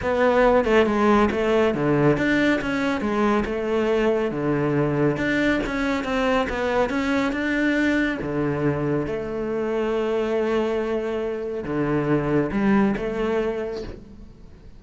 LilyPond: \new Staff \with { instrumentName = "cello" } { \time 4/4 \tempo 4 = 139 b4. a8 gis4 a4 | d4 d'4 cis'4 gis4 | a2 d2 | d'4 cis'4 c'4 b4 |
cis'4 d'2 d4~ | d4 a2.~ | a2. d4~ | d4 g4 a2 | }